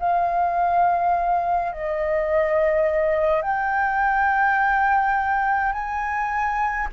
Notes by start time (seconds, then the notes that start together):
0.00 F5
1.73 D#5
3.42 G5
5.73 G#5